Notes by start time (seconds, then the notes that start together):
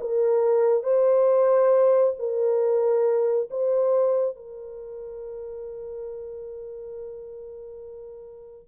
0.00 A#4
0.83 C5
2.19 A#4
3.50 C5
4.36 A#4